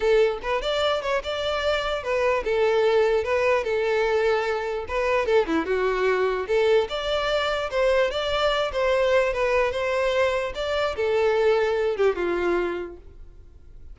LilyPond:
\new Staff \with { instrumentName = "violin" } { \time 4/4 \tempo 4 = 148 a'4 b'8 d''4 cis''8 d''4~ | d''4 b'4 a'2 | b'4 a'2. | b'4 a'8 e'8 fis'2 |
a'4 d''2 c''4 | d''4. c''4. b'4 | c''2 d''4 a'4~ | a'4. g'8 f'2 | }